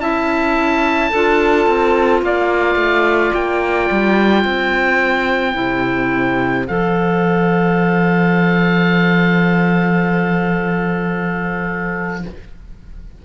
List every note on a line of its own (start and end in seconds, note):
0.00 1.11 C#4
0.00 1.11 E4
0.00 1.09 E5
0.00 2.22 A5
1.09 1.67 D4
1.09 5.54 F4
1.09 2.20 A4
1.67 2.22 C4
2.22 2.75 A#3
2.22 4.45 D5
2.22 3.34 F5
2.75 3.31 A3
3.34 3.90 A#3
3.34 6.67 G5
3.91 4.45 G3
4.45 5.56 C4
4.45 12.22 C5
5.54 6.68 C3
5.54 6.65 E4
6.67 12.25 F3
6.67 12.23 A4
6.67 12.23 F5